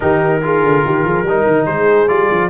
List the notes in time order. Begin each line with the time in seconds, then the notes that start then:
0.00 D#3 D#4 G4 A#4
0.42 F4 G#4
0.62 D3
0.84 D#3 G4
1.04 F3 G#4
1.22 G3 D#4 A#4
1.46 D#3
1.66 G#3 G#4 C5
2.08 G3 F4 D5
2.31 F3